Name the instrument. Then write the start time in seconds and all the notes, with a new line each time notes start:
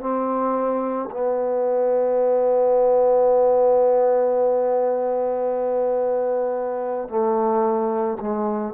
trombone
0.00 C4
1.11 B3
7.09 A3
8.20 G#3